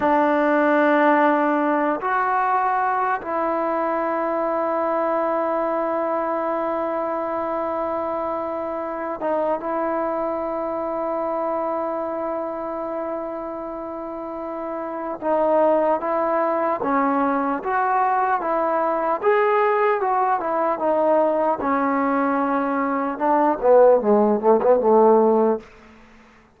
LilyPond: \new Staff \with { instrumentName = "trombone" } { \time 4/4 \tempo 4 = 75 d'2~ d'8 fis'4. | e'1~ | e'2.~ e'8 dis'8 | e'1~ |
e'2. dis'4 | e'4 cis'4 fis'4 e'4 | gis'4 fis'8 e'8 dis'4 cis'4~ | cis'4 d'8 b8 gis8 a16 b16 a4 | }